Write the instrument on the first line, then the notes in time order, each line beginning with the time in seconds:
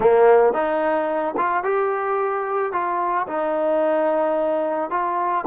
trombone
0.00 A#3
0.53 D#4
1.37 F4
1.63 G4
2.72 F4
3.27 D#4
4.90 F4